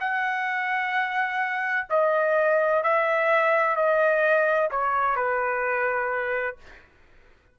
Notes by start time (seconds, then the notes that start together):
0.00 F#5
1.89 D#5
2.83 E5
3.76 D#5
4.70 C#5
5.16 B4